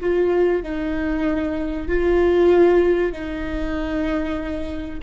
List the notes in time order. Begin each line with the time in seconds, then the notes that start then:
0.00 F4
0.62 D#4
1.88 F4
3.12 D#4